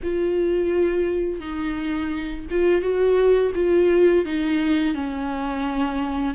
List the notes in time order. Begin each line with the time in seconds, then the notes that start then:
0.03 F4
1.40 D#4
2.50 F4
2.81 F#4
3.54 F4
4.25 D#4
4.94 C#4